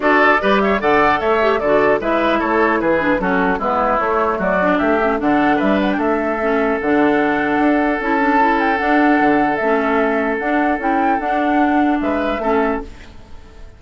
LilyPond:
<<
  \new Staff \with { instrumentName = "flute" } { \time 4/4 \tempo 4 = 150 d''4. e''8 fis''4 e''4 | d''4 e''4 cis''4 b'4 | a'4 b'4 cis''4 d''4 | e''4 fis''4 e''8 fis''16 g''16 e''4~ |
e''4 fis''2. | a''4. g''8 fis''2 | e''2 fis''4 g''4 | fis''2 e''2 | }
  \new Staff \with { instrumentName = "oboe" } { \time 4/4 a'4 b'8 cis''8 d''4 cis''4 | a'4 b'4 a'4 gis'4 | fis'4 e'2 fis'4 | g'4 a'4 b'4 a'4~ |
a'1~ | a'1~ | a'1~ | a'2 b'4 a'4 | }
  \new Staff \with { instrumentName = "clarinet" } { \time 4/4 fis'4 g'4 a'4. g'8 | fis'4 e'2~ e'8 d'8 | cis'4 b4 a4. d'8~ | d'8 cis'8 d'2. |
cis'4 d'2. | e'8 d'8 e'4 d'2 | cis'2 d'4 e'4 | d'2. cis'4 | }
  \new Staff \with { instrumentName = "bassoon" } { \time 4/4 d'4 g4 d4 a4 | d4 gis4 a4 e4 | fis4 gis4 a4 fis4 | a4 d4 g4 a4~ |
a4 d2 d'4 | cis'2 d'4 d4 | a2 d'4 cis'4 | d'2 gis4 a4 | }
>>